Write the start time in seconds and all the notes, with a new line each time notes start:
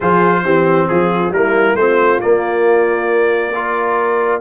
0.00 F3 F4 G#4 C5
0.44 E3 C4 G4
0.88 F3 F4 G#4
1.30 G3 A#3 E4 A#4
1.75 A3 C4 F4 C5
2.20 A#3 D5
3.54 F4 A#4